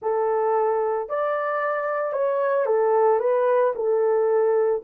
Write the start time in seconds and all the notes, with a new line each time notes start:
0.02 A4
1.09 D5
2.13 C#5
2.66 A4
3.19 B4
3.75 A4